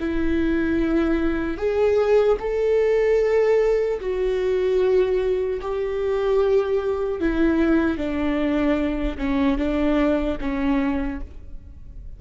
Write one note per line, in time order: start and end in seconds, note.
0.00 1.58 E4
1.58 2.38 G#4
2.40 4.00 A4
4.00 5.60 F#4
5.62 7.20 G4
7.20 7.97 E4
7.97 9.17 D4
9.18 9.58 C#4
9.58 10.38 D4
10.41 11.21 C#4